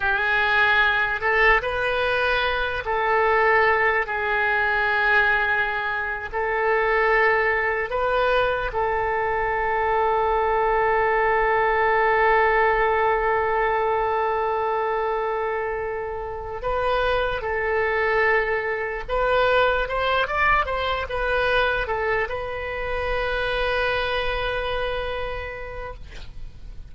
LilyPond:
\new Staff \with { instrumentName = "oboe" } { \time 4/4 \tempo 4 = 74 gis'4. a'8 b'4. a'8~ | a'4 gis'2~ gis'8. a'16~ | a'4.~ a'16 b'4 a'4~ a'16~ | a'1~ |
a'1~ | a'8 b'4 a'2 b'8~ | b'8 c''8 d''8 c''8 b'4 a'8 b'8~ | b'1 | }